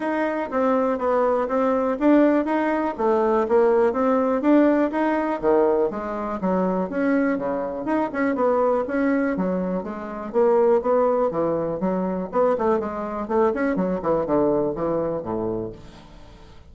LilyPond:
\new Staff \with { instrumentName = "bassoon" } { \time 4/4 \tempo 4 = 122 dis'4 c'4 b4 c'4 | d'4 dis'4 a4 ais4 | c'4 d'4 dis'4 dis4 | gis4 fis4 cis'4 cis4 |
dis'8 cis'8 b4 cis'4 fis4 | gis4 ais4 b4 e4 | fis4 b8 a8 gis4 a8 cis'8 | fis8 e8 d4 e4 a,4 | }